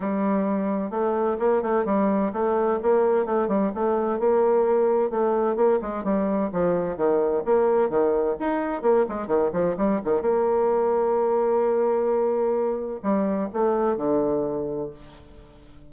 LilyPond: \new Staff \with { instrumentName = "bassoon" } { \time 4/4 \tempo 4 = 129 g2 a4 ais8 a8 | g4 a4 ais4 a8 g8 | a4 ais2 a4 | ais8 gis8 g4 f4 dis4 |
ais4 dis4 dis'4 ais8 gis8 | dis8 f8 g8 dis8 ais2~ | ais1 | g4 a4 d2 | }